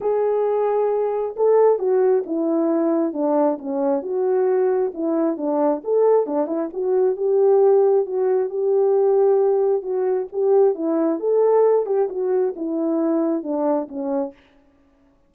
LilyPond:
\new Staff \with { instrumentName = "horn" } { \time 4/4 \tempo 4 = 134 gis'2. a'4 | fis'4 e'2 d'4 | cis'4 fis'2 e'4 | d'4 a'4 d'8 e'8 fis'4 |
g'2 fis'4 g'4~ | g'2 fis'4 g'4 | e'4 a'4. g'8 fis'4 | e'2 d'4 cis'4 | }